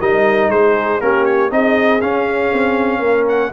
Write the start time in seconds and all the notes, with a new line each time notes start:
0.00 G3 D#4 A#4 D#5
0.49 G#3 G#4 C5
1.01 A#3 C#4 G4 A#4
1.26 C#5
1.50 C4 D#4 G#4 D#5
2.01 C#4 F5
2.53 C4
3.00 A#3 A#4
3.29 F#5